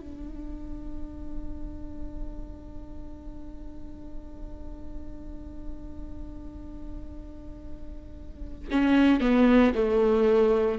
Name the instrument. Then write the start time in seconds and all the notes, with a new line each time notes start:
viola
0.00 D4
8.71 C#4
9.21 B3
9.75 A3